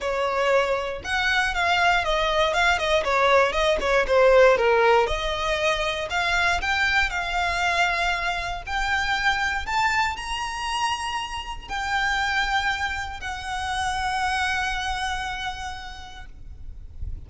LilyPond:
\new Staff \with { instrumentName = "violin" } { \time 4/4 \tempo 4 = 118 cis''2 fis''4 f''4 | dis''4 f''8 dis''8 cis''4 dis''8 cis''8 | c''4 ais'4 dis''2 | f''4 g''4 f''2~ |
f''4 g''2 a''4 | ais''2. g''4~ | g''2 fis''2~ | fis''1 | }